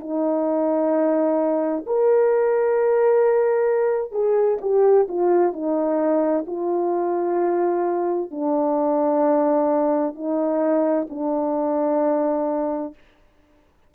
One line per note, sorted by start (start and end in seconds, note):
0.00 1.85 D#4
1.87 4.12 A#4
4.12 4.58 G#4
4.61 5.07 G4
5.08 5.53 F4
5.53 6.45 D#4
6.47 8.31 F4
8.31 10.15 D4
10.15 11.07 D#4
11.10 12.94 D4